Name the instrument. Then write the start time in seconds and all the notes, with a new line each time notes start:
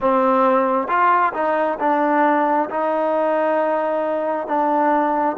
trombone
0.00 C4
0.88 F4
1.34 D#4
1.79 D4
2.69 D#4
4.47 D4